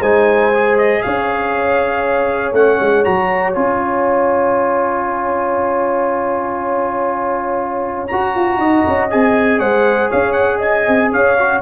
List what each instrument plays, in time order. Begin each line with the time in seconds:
0.00 tuba G#3, trombone D#4, horn C5, trumpet G#5
0.54 trombone G#4
0.78 trumpet D#5
1.02 tuba C#4, horn C#5, trumpet F5
2.53 tuba A3, trombone C#4, trumpet F#5
2.81 tuba G#3
3.04 tuba F#3, trombone F#4, trumpet A#5
3.53 tuba C#4, trombone F4, trumpet G#5
8.07 trombone F#4, tuba F#4, trumpet A#5
8.36 tuba F4
8.58 tuba D#4, horn D#5
8.88 tuba C#4
9.11 tuba C4, trombone G#4, trumpet G#5
9.59 tuba G#3, horn C5, trumpet F#5
10.10 tuba C#4, horn C#5, trumpet F5
10.32 trumpet F#5
10.59 horn D#5, trumpet G#5
10.87 tuba C4
11.12 tuba C#4, horn C#5, trumpet F5
11.39 trombone F#4